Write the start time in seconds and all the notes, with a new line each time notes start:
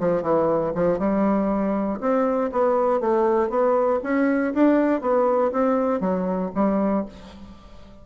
0.00 F3
0.23 E3
0.75 F3
0.99 G3
2.01 C4
2.52 B3
3.00 A3
3.50 B3
4.04 C#4
4.54 D4
5.01 B3
5.52 C4
6.01 F#3
6.55 G3